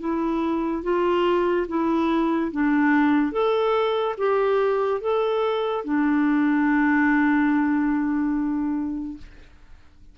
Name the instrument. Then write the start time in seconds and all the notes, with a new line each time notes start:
clarinet
0.00 E4
0.83 F4
1.68 E4
2.52 D4
3.32 A4
4.18 G4
5.01 A4
5.84 D4